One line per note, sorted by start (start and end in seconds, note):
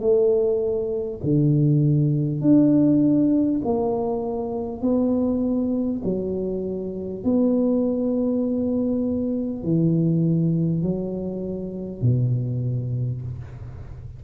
0.00 1.20 A3
1.24 2.42 D3
2.42 3.62 D4
3.65 4.82 A#3
4.82 6.02 B3
6.04 7.24 F#3
7.24 9.64 B3
9.64 10.83 E3
10.83 12.02 F#3
12.02 13.22 B2